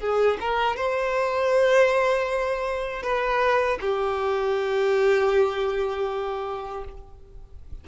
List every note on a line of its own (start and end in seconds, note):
0.00 0.38 G#4
0.40 0.76 A#4
0.76 3.03 C5
3.03 3.79 B4
3.80 6.84 G4